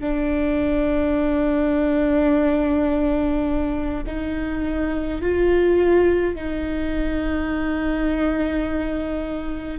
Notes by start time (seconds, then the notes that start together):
0.00 D4
4.06 D#4
5.21 F4
6.35 D#4